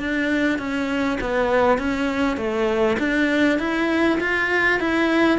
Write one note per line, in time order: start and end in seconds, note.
0.00 0.59 D4
0.59 1.19 C#4
1.21 1.78 B3
1.78 2.38 C#4
2.38 2.98 A3
2.99 3.59 D4
3.59 4.19 E4
4.20 4.80 F4
4.80 5.39 E4